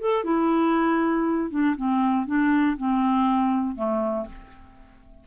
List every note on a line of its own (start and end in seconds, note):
0.00 0.24 A4
0.24 1.50 E4
1.50 1.75 D4
1.76 2.26 C4
2.26 2.76 D4
2.77 3.75 C4
3.75 4.26 A3